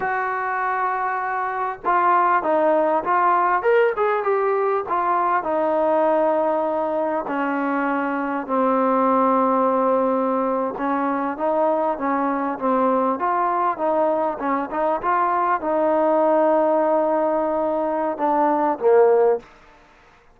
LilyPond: \new Staff \with { instrumentName = "trombone" } { \time 4/4 \tempo 4 = 99 fis'2. f'4 | dis'4 f'4 ais'8 gis'8 g'4 | f'4 dis'2. | cis'2 c'2~ |
c'4.~ c'16 cis'4 dis'4 cis'16~ | cis'8. c'4 f'4 dis'4 cis'16~ | cis'16 dis'8 f'4 dis'2~ dis'16~ | dis'2 d'4 ais4 | }